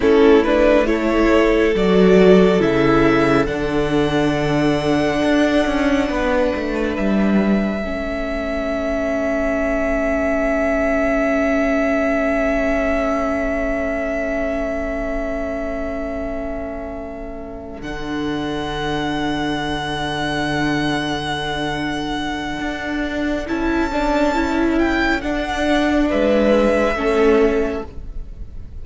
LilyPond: <<
  \new Staff \with { instrumentName = "violin" } { \time 4/4 \tempo 4 = 69 a'8 b'8 cis''4 d''4 e''4 | fis''1 | e''1~ | e''1~ |
e''1~ | e''8 fis''2.~ fis''8~ | fis''2. a''4~ | a''8 g''8 fis''4 e''2 | }
  \new Staff \with { instrumentName = "violin" } { \time 4/4 e'4 a'2.~ | a'2. b'4~ | b'4 a'2.~ | a'1~ |
a'1~ | a'1~ | a'1~ | a'2 b'4 a'4 | }
  \new Staff \with { instrumentName = "viola" } { \time 4/4 cis'8 d'8 e'4 fis'4 e'4 | d'1~ | d'4 cis'2.~ | cis'1~ |
cis'1~ | cis'8 d'2.~ d'8~ | d'2. e'8 d'8 | e'4 d'2 cis'4 | }
  \new Staff \with { instrumentName = "cello" } { \time 4/4 a2 fis4 cis4 | d2 d'8 cis'8 b8 a8 | g4 a2.~ | a1~ |
a1~ | a8 d2.~ d8~ | d2 d'4 cis'4~ | cis'4 d'4 gis4 a4 | }
>>